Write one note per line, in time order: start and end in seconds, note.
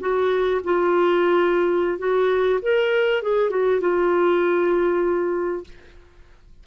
0.00 0.61 F#4
0.64 1.98 F4
1.98 2.60 F#4
2.62 3.23 A#4
3.23 3.50 G#4
3.50 3.81 F#4
3.81 5.64 F4